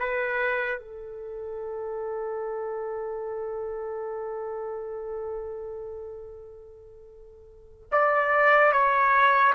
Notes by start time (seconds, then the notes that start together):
0.00 B4
0.80 A4
7.92 D5
8.73 C#5